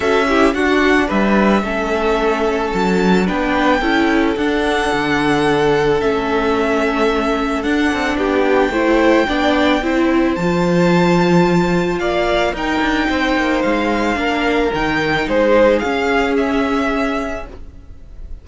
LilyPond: <<
  \new Staff \with { instrumentName = "violin" } { \time 4/4 \tempo 4 = 110 e''4 fis''4 e''2~ | e''4 a''4 g''2 | fis''2. e''4~ | e''2 fis''4 g''4~ |
g''2. a''4~ | a''2 f''4 g''4~ | g''4 f''2 g''4 | c''4 f''4 e''2 | }
  \new Staff \with { instrumentName = "violin" } { \time 4/4 a'8 g'8 fis'4 b'4 a'4~ | a'2 b'4 a'4~ | a'1~ | a'2. g'4 |
c''4 d''4 c''2~ | c''2 d''4 ais'4 | c''2 ais'2 | gis'1 | }
  \new Staff \with { instrumentName = "viola" } { \time 4/4 fis'8 e'8 d'2 cis'4~ | cis'2 d'4 e'4 | d'2. cis'4~ | cis'2 d'2 |
e'4 d'4 e'4 f'4~ | f'2. dis'4~ | dis'2 d'4 dis'4~ | dis'4 cis'2. | }
  \new Staff \with { instrumentName = "cello" } { \time 4/4 cis'4 d'4 g4 a4~ | a4 fis4 b4 cis'4 | d'4 d2 a4~ | a2 d'8 c'8 b4 |
a4 b4 c'4 f4~ | f2 ais4 dis'8 d'8 | c'8 ais8 gis4 ais4 dis4 | gis4 cis'2. | }
>>